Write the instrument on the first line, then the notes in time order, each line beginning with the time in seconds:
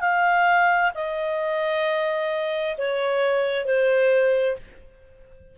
clarinet
0.00 F5
0.94 D#5
2.78 C#5
3.65 C5